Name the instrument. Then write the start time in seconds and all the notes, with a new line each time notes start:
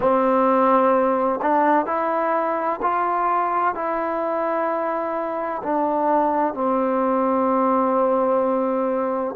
trombone
0.00 C4
1.41 D4
1.86 E4
2.81 F4
3.74 E4
5.62 D4
6.54 C4